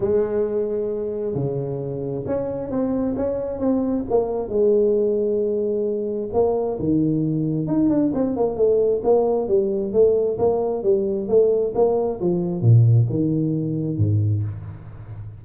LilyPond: \new Staff \with { instrumentName = "tuba" } { \time 4/4 \tempo 4 = 133 gis2. cis4~ | cis4 cis'4 c'4 cis'4 | c'4 ais4 gis2~ | gis2 ais4 dis4~ |
dis4 dis'8 d'8 c'8 ais8 a4 | ais4 g4 a4 ais4 | g4 a4 ais4 f4 | ais,4 dis2 gis,4 | }